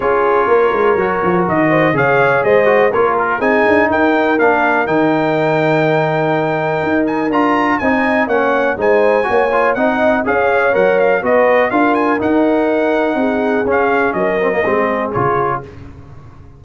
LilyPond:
<<
  \new Staff \with { instrumentName = "trumpet" } { \time 4/4 \tempo 4 = 123 cis''2. dis''4 | f''4 dis''4 cis''8 ais'8 gis''4 | g''4 f''4 g''2~ | g''2~ g''8 gis''8 ais''4 |
gis''4 fis''4 gis''2 | fis''4 f''4 fis''8 f''8 dis''4 | f''8 gis''8 fis''2. | f''4 dis''2 cis''4 | }
  \new Staff \with { instrumentName = "horn" } { \time 4/4 gis'4 ais'2~ ais'8 c''8 | cis''4 c''4 ais'4 gis'4 | ais'1~ | ais'1 |
dis''4 cis''4 c''4 cis''4 | dis''4 cis''2 b'4 | ais'2. gis'4~ | gis'4 ais'4 gis'2 | }
  \new Staff \with { instrumentName = "trombone" } { \time 4/4 f'2 fis'2 | gis'4. fis'8 f'4 dis'4~ | dis'4 d'4 dis'2~ | dis'2. f'4 |
dis'4 cis'4 dis'4 fis'8 f'8 | dis'4 gis'4 ais'4 fis'4 | f'4 dis'2. | cis'4. c'16 ais16 c'4 f'4 | }
  \new Staff \with { instrumentName = "tuba" } { \time 4/4 cis'4 ais8 gis8 fis8 f8 dis4 | cis4 gis4 ais4 c'8 d'8 | dis'4 ais4 dis2~ | dis2 dis'4 d'4 |
c'4 ais4 gis4 ais4 | c'4 cis'4 fis4 b4 | d'4 dis'2 c'4 | cis'4 fis4 gis4 cis4 | }
>>